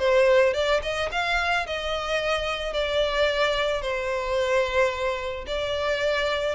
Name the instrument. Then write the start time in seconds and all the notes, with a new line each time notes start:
violin
0.00 C5
0.54 D5
0.83 D#5
1.12 F5
1.67 D#5
2.74 D5
3.82 C5
5.47 D5